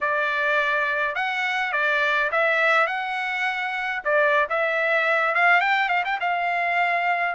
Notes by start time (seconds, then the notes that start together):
0.00 D5
1.15 F#5
1.72 D5
2.31 E5
2.87 F#5
4.04 D5
4.49 E5
5.34 F5
5.60 G5
5.88 F5
6.04 G5
6.20 F5